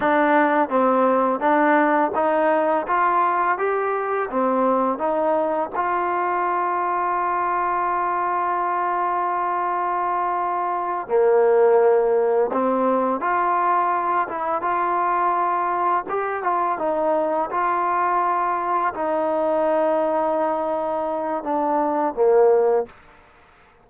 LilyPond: \new Staff \with { instrumentName = "trombone" } { \time 4/4 \tempo 4 = 84 d'4 c'4 d'4 dis'4 | f'4 g'4 c'4 dis'4 | f'1~ | f'2.~ f'8 ais8~ |
ais4. c'4 f'4. | e'8 f'2 g'8 f'8 dis'8~ | dis'8 f'2 dis'4.~ | dis'2 d'4 ais4 | }